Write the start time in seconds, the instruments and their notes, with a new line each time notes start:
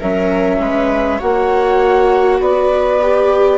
0.00 bassoon F#3, viola C#4 A#4, flute E5
0.60 bassoon G#3, viola B4
1.19 bassoon A#3, viola F#4 C#5, flute F#5
2.40 bassoon B3, viola B4, flute D5
3.02 viola G4